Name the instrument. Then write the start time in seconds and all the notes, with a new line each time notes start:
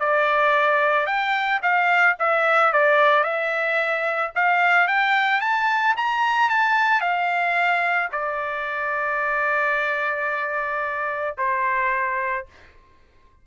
trumpet
0.00 D5
1.07 G5
1.63 F5
2.20 E5
2.73 D5
3.24 E5
4.35 F5
4.88 G5
5.41 A5
5.97 A#5
6.50 A5
7.01 F5
8.12 D5
11.38 C5